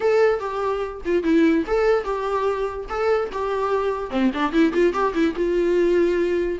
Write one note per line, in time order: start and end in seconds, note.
0.00 0.39 A4
0.39 1.01 G4
1.05 1.23 F4
1.23 1.64 E4
1.66 2.04 A4
2.04 2.86 G4
2.89 3.30 A4
3.32 4.10 G4
4.10 4.31 C4
4.33 4.52 D4
4.52 4.72 E4
4.73 4.93 F4
4.93 5.13 G4
5.14 5.34 E4
5.35 6.58 F4